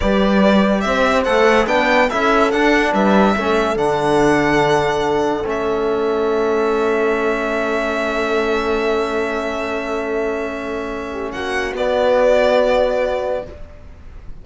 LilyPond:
<<
  \new Staff \with { instrumentName = "violin" } { \time 4/4 \tempo 4 = 143 d''2 e''4 fis''4 | g''4 e''4 fis''4 e''4~ | e''4 fis''2.~ | fis''4 e''2.~ |
e''1~ | e''1~ | e''2. fis''4 | d''1 | }
  \new Staff \with { instrumentName = "horn" } { \time 4/4 b'2 c''2 | b'4 a'2 b'4 | a'1~ | a'1~ |
a'1~ | a'1~ | a'2~ a'8 g'8 fis'4~ | fis'1 | }
  \new Staff \with { instrumentName = "trombone" } { \time 4/4 g'2. a'4 | d'4 e'4 d'2 | cis'4 d'2.~ | d'4 cis'2.~ |
cis'1~ | cis'1~ | cis'1 | b1 | }
  \new Staff \with { instrumentName = "cello" } { \time 4/4 g2 c'4 a4 | b4 cis'4 d'4 g4 | a4 d2.~ | d4 a2.~ |
a1~ | a1~ | a2. ais4 | b1 | }
>>